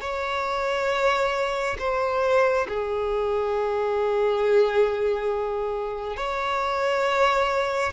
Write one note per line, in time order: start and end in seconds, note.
0.00 1.76 C#5
1.78 2.67 C5
2.68 6.16 G#4
6.16 7.93 C#5